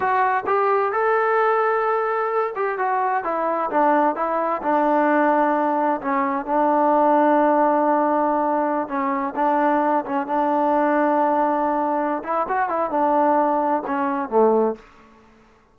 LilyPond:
\new Staff \with { instrumentName = "trombone" } { \time 4/4 \tempo 4 = 130 fis'4 g'4 a'2~ | a'4. g'8 fis'4 e'4 | d'4 e'4 d'2~ | d'4 cis'4 d'2~ |
d'2.~ d'16 cis'8.~ | cis'16 d'4. cis'8 d'4.~ d'16~ | d'2~ d'8 e'8 fis'8 e'8 | d'2 cis'4 a4 | }